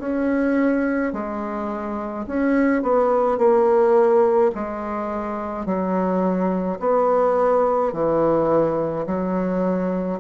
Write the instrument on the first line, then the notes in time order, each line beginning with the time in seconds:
bassoon
0.00 C#4
1.13 G#3
2.27 C#4
2.83 B3
3.38 A#3
4.55 G#3
5.66 F#3
6.80 B3
7.93 E3
9.07 F#3